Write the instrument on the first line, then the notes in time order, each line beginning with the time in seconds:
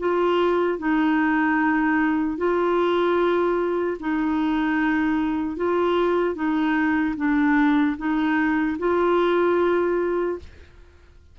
clarinet
0.00 F4
0.79 D#4
2.38 F4
4.00 D#4
5.57 F4
6.35 D#4
7.17 D4
7.98 D#4
8.79 F4